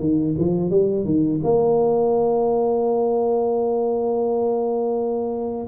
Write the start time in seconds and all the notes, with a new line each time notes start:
0.00 D#3
0.39 F3
0.71 G3
1.05 D#3
1.44 A#3